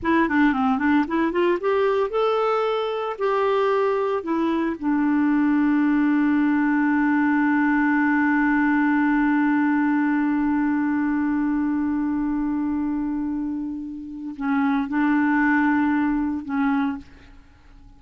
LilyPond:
\new Staff \with { instrumentName = "clarinet" } { \time 4/4 \tempo 4 = 113 e'8 d'8 c'8 d'8 e'8 f'8 g'4 | a'2 g'2 | e'4 d'2.~ | d'1~ |
d'1~ | d'1~ | d'2. cis'4 | d'2. cis'4 | }